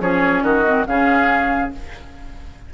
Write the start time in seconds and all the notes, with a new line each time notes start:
0.00 F3 C#4 G#4 C#5
0.42 D#3 F#4 D#5
0.65 C4
0.86 C#3 C#4 G#4 F5